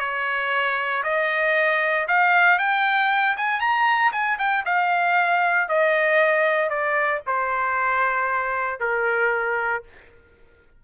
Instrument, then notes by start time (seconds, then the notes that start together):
trumpet
0.00 C#5
1.04 D#5
2.08 F5
2.59 G5
3.37 G#5
3.61 A#5
4.13 G#5
4.39 G5
4.66 F5
5.69 D#5
6.70 D5
7.27 C5
8.80 A#4